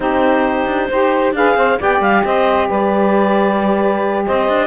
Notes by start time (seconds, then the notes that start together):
0.00 C4 D#4 G4 C5
0.66 D4
0.89 D#4 G4 C5
1.33 D4 G#4 B4 F5
1.55 C4 C5
1.79 B3 G4 D5 G5
2.00 G3 F5
2.24 C4 C5 D#5
2.68 G3 B4 D5
4.26 C4 C5 D#5
4.48 D4